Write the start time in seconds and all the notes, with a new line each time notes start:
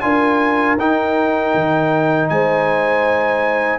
0.00 D4 F4 A#4 G#5
0.78 D#4 G5
1.54 D#3
2.29 G#3 C5 G#5